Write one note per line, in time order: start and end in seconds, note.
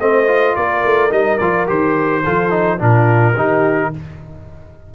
0.00 0.56 A3
0.00 0.27 C4
0.00 0.56 C5
0.00 0.56 D#5
0.27 1.10 F4
0.56 0.85 A#3
0.56 2.23 A#4
0.56 1.12 D5
0.85 1.12 A3
1.10 1.40 G3
1.10 1.38 D#4
1.10 1.38 D#5
1.38 1.69 F3
1.38 1.67 F4
1.38 1.66 D5
1.67 2.26 D#3
1.67 2.23 G4
1.67 2.81 C5
2.23 2.81 F3
2.23 2.50 F4
2.23 2.79 A4
2.50 2.78 D#4
2.79 3.36 A#2
2.79 3.35 D4
2.79 3.36 F4
2.79 3.95 A#4
3.36 3.92 D#3
3.36 3.93 D#4
3.36 3.92 G4